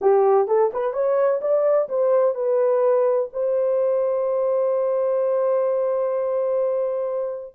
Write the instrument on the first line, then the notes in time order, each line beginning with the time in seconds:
horn
0.01 G4
0.47 A4
0.73 B4
0.93 C#5
1.41 D5
1.89 C5
2.34 B4
3.32 C5